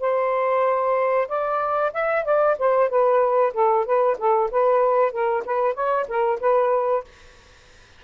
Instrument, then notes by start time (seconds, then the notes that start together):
saxophone
0.00 C5
1.28 D5
1.93 E5
2.24 D5
2.58 C5
2.89 B4
3.53 A4
3.85 B4
4.18 A4
4.51 B4
5.11 A#4
5.45 B4
5.74 C#5
6.08 A#4
6.40 B4